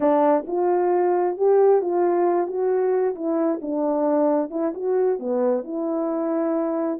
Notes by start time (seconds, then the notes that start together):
0.00 D4
0.47 F4
1.37 G4
1.81 F4
2.47 F#4
3.15 E4
3.61 D4
4.50 E4
4.74 F#4
5.19 B3
5.64 E4